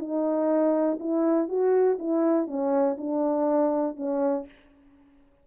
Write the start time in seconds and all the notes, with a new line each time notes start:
0.00 D#4
1.00 E4
1.49 F#4
1.99 E4
2.48 C#4
2.98 D4
3.97 C#4